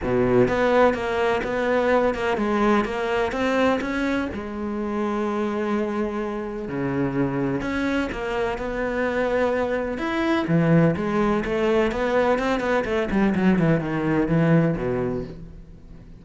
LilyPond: \new Staff \with { instrumentName = "cello" } { \time 4/4 \tempo 4 = 126 b,4 b4 ais4 b4~ | b8 ais8 gis4 ais4 c'4 | cis'4 gis2.~ | gis2 cis2 |
cis'4 ais4 b2~ | b4 e'4 e4 gis4 | a4 b4 c'8 b8 a8 g8 | fis8 e8 dis4 e4 b,4 | }